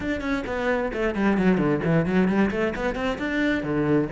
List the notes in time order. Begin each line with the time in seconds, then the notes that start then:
0.00 D4
0.20 C#4
0.46 B3
0.93 A3
1.14 G3
1.37 F#3
1.57 D3
1.84 E3
2.05 F#3
2.27 G3
2.51 A3
2.75 B3
2.95 C4
3.18 D4
3.63 D3